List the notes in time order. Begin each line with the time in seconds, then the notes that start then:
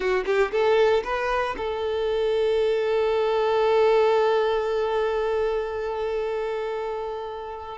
0.00 F#4
0.25 G4
0.51 A4
1.03 B4
1.57 A4